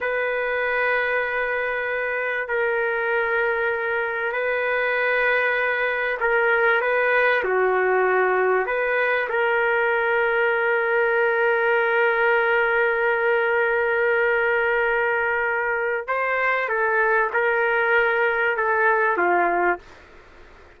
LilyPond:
\new Staff \with { instrumentName = "trumpet" } { \time 4/4 \tempo 4 = 97 b'1 | ais'2. b'4~ | b'2 ais'4 b'4 | fis'2 b'4 ais'4~ |
ais'1~ | ais'1~ | ais'2 c''4 a'4 | ais'2 a'4 f'4 | }